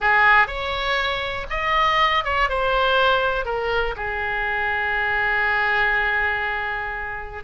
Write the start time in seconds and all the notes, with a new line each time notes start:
0.00 G#4
0.47 C#5
1.50 D#5
2.24 C#5
2.49 C5
3.45 A#4
3.96 G#4